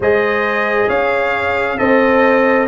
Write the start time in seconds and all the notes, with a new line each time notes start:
0.00 G#3 G#4 C5 D#5
0.88 C#4 C#5 F5
1.78 C4 A4 C5 D#5